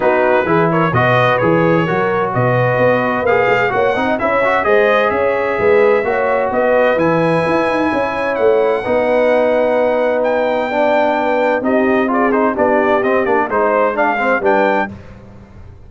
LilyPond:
<<
  \new Staff \with { instrumentName = "trumpet" } { \time 4/4 \tempo 4 = 129 b'4. cis''8 dis''4 cis''4~ | cis''4 dis''2 f''4 | fis''4 e''4 dis''4 e''4~ | e''2 dis''4 gis''4~ |
gis''2 fis''2~ | fis''2 g''2~ | g''4 dis''4 d''8 c''8 d''4 | dis''8 d''8 c''4 f''4 g''4 | }
  \new Staff \with { instrumentName = "horn" } { \time 4/4 fis'4 gis'8 ais'8 b'2 | ais'4 b'2. | cis''8 dis''8 cis''4 c''4 cis''4 | b'4 cis''4 b'2~ |
b'4 cis''2 b'4~ | b'2. d''4 | b'4 g'4 gis'4 g'4~ | g'4 c''4 d''8 c''8 b'4 | }
  \new Staff \with { instrumentName = "trombone" } { \time 4/4 dis'4 e'4 fis'4 gis'4 | fis'2. gis'4 | fis'8 dis'8 e'8 fis'8 gis'2~ | gis'4 fis'2 e'4~ |
e'2. dis'4~ | dis'2. d'4~ | d'4 dis'4 f'8 dis'8 d'4 | c'8 d'8 dis'4 d'8 c'8 d'4 | }
  \new Staff \with { instrumentName = "tuba" } { \time 4/4 b4 e4 b,4 e4 | fis4 b,4 b4 ais8 gis8 | ais8 c'8 cis'4 gis4 cis'4 | gis4 ais4 b4 e4 |
e'8 dis'8 cis'4 a4 b4~ | b1~ | b4 c'2 b4 | c'8 ais8 gis2 g4 | }
>>